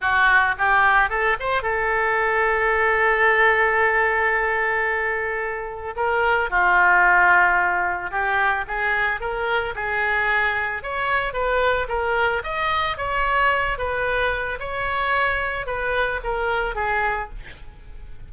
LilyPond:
\new Staff \with { instrumentName = "oboe" } { \time 4/4 \tempo 4 = 111 fis'4 g'4 a'8 c''8 a'4~ | a'1~ | a'2. ais'4 | f'2. g'4 |
gis'4 ais'4 gis'2 | cis''4 b'4 ais'4 dis''4 | cis''4. b'4. cis''4~ | cis''4 b'4 ais'4 gis'4 | }